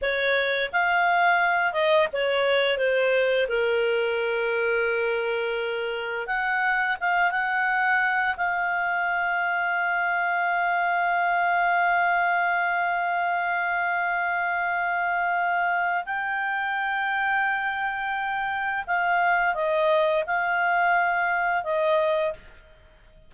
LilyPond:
\new Staff \with { instrumentName = "clarinet" } { \time 4/4 \tempo 4 = 86 cis''4 f''4. dis''8 cis''4 | c''4 ais'2.~ | ais'4 fis''4 f''8 fis''4. | f''1~ |
f''1~ | f''2. g''4~ | g''2. f''4 | dis''4 f''2 dis''4 | }